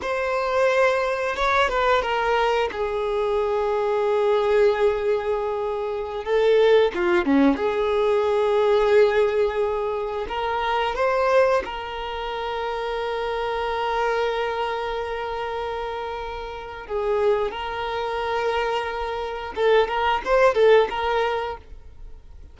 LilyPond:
\new Staff \with { instrumentName = "violin" } { \time 4/4 \tempo 4 = 89 c''2 cis''8 b'8 ais'4 | gis'1~ | gis'4~ gis'16 a'4 f'8 cis'8 gis'8.~ | gis'2.~ gis'16 ais'8.~ |
ais'16 c''4 ais'2~ ais'8.~ | ais'1~ | ais'4 gis'4 ais'2~ | ais'4 a'8 ais'8 c''8 a'8 ais'4 | }